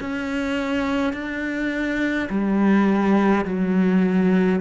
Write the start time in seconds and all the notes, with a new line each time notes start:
0.00 C#4
1.13 D4
2.29 G3
3.45 F#3